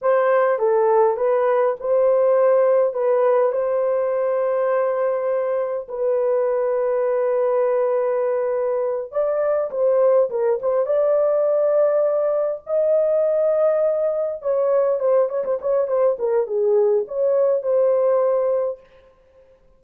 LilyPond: \new Staff \with { instrumentName = "horn" } { \time 4/4 \tempo 4 = 102 c''4 a'4 b'4 c''4~ | c''4 b'4 c''2~ | c''2 b'2~ | b'2.~ b'8 d''8~ |
d''8 c''4 ais'8 c''8 d''4.~ | d''4. dis''2~ dis''8~ | dis''8 cis''4 c''8 cis''16 c''16 cis''8 c''8 ais'8 | gis'4 cis''4 c''2 | }